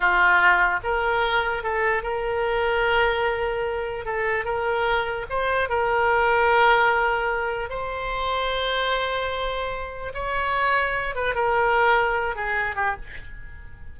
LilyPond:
\new Staff \with { instrumentName = "oboe" } { \time 4/4 \tempo 4 = 148 f'2 ais'2 | a'4 ais'2.~ | ais'2 a'4 ais'4~ | ais'4 c''4 ais'2~ |
ais'2. c''4~ | c''1~ | c''4 cis''2~ cis''8 b'8 | ais'2~ ais'8 gis'4 g'8 | }